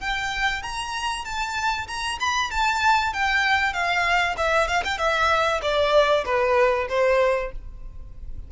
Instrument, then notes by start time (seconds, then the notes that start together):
violin
0.00 G5
0.63 A#5
1.25 A5
1.88 A#5
2.20 B5
2.51 A5
3.13 G5
3.73 F5
4.37 E5
4.68 F5
4.85 G5
4.98 E5
5.62 D5
6.26 B4
6.89 C5